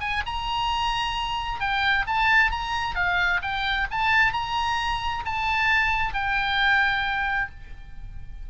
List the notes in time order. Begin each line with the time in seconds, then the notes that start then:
0.00 G#5
0.26 A#5
1.60 G5
2.07 A5
2.51 A#5
2.95 F5
3.42 G5
3.91 A5
4.33 A#5
5.25 A5
6.14 G5